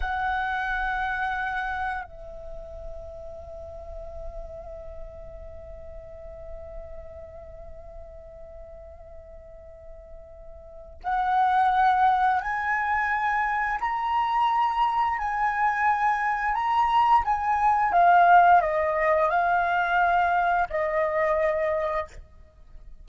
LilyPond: \new Staff \with { instrumentName = "flute" } { \time 4/4 \tempo 4 = 87 fis''2. e''4~ | e''1~ | e''1~ | e''1 |
fis''2 gis''2 | ais''2 gis''2 | ais''4 gis''4 f''4 dis''4 | f''2 dis''2 | }